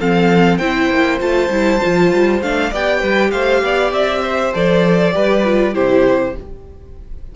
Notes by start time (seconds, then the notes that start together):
0.00 F3 C4 A4 F5
0.58 C4 E4 C5 G5
0.91 A#3
1.20 A3 F4 A5
1.50 G3 E4
1.82 F3 F4
2.12 G3
2.42 A3 D4 F5
2.70 B3 G4 D5 G5
3.00 G3 B4
3.31 A3 C5 F5
3.63 B3 D5
3.92 C4 E5
4.22 C5
4.54 F3 A4 D5
5.12 G3 G4 B4
5.45 F4
5.74 C3 E4 G4 C5